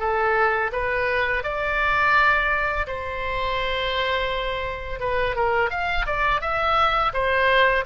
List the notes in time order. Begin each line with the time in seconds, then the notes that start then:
0.00 A4
0.72 B4
1.44 D5
2.87 C5
5.00 B4
5.36 A#4
5.70 F5
6.06 D5
6.41 E5
7.14 C5